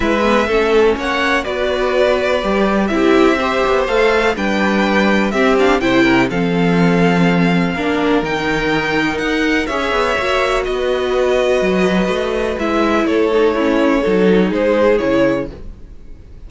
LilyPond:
<<
  \new Staff \with { instrumentName = "violin" } { \time 4/4 \tempo 4 = 124 e''2 fis''4 d''4~ | d''2 e''2 | f''4 g''2 e''8 f''8 | g''4 f''2.~ |
f''4 g''2 fis''4 | e''2 dis''2~ | dis''2 e''4 cis''4~ | cis''2 c''4 cis''4 | }
  \new Staff \with { instrumentName = "violin" } { \time 4/4 b'4 a'4 cis''4 b'4~ | b'2 g'4 c''4~ | c''4 b'2 g'4 | c''8 ais'8 a'2. |
ais'1 | cis''2 b'2~ | b'2. a'4 | e'4 a'4 gis'2 | }
  \new Staff \with { instrumentName = "viola" } { \time 4/4 e'8 b8 cis'2 fis'4~ | fis'4 g'4 e'4 g'4 | a'4 d'2 c'8 d'8 | e'4 c'2. |
d'4 dis'2. | gis'4 fis'2.~ | fis'2 e'4. dis'8 | cis'4 dis'2 e'4 | }
  \new Staff \with { instrumentName = "cello" } { \time 4/4 gis4 a4 ais4 b4~ | b4 g4 c'4. b8 | a4 g2 c'4 | c4 f2. |
ais4 dis2 dis'4 | cis'8 b8 ais4 b2 | fis4 a4 gis4 a4~ | a4 fis4 gis4 cis4 | }
>>